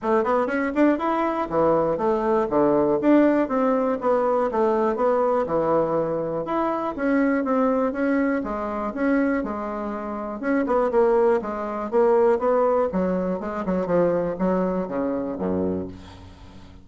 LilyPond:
\new Staff \with { instrumentName = "bassoon" } { \time 4/4 \tempo 4 = 121 a8 b8 cis'8 d'8 e'4 e4 | a4 d4 d'4 c'4 | b4 a4 b4 e4~ | e4 e'4 cis'4 c'4 |
cis'4 gis4 cis'4 gis4~ | gis4 cis'8 b8 ais4 gis4 | ais4 b4 fis4 gis8 fis8 | f4 fis4 cis4 fis,4 | }